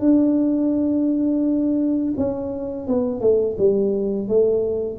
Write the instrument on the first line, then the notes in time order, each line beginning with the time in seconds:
tuba
0.00 D4
2.17 C#4
2.88 B3
3.20 A3
3.58 G3
4.28 A3